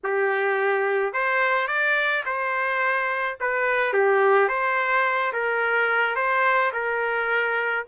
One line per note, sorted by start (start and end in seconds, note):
0.03 1.13 G4
1.13 1.67 C5
1.67 2.23 D5
2.25 3.37 C5
3.40 3.93 B4
3.93 4.48 G4
4.48 5.32 C5
5.33 6.15 A#4
6.15 6.71 C5
6.72 7.85 A#4